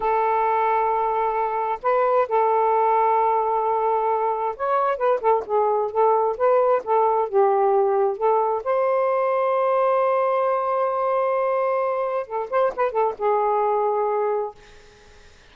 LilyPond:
\new Staff \with { instrumentName = "saxophone" } { \time 4/4 \tempo 4 = 132 a'1 | b'4 a'2.~ | a'2 cis''4 b'8 a'8 | gis'4 a'4 b'4 a'4 |
g'2 a'4 c''4~ | c''1~ | c''2. a'8 c''8 | b'8 a'8 gis'2. | }